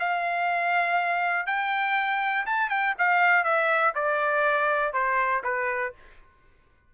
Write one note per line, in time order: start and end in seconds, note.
0.00 1.47 F5
1.47 2.46 G5
2.46 2.70 A5
2.70 2.95 G5
2.99 3.44 F5
3.44 3.94 E5
3.95 4.94 D5
4.94 5.43 C5
5.44 5.93 B4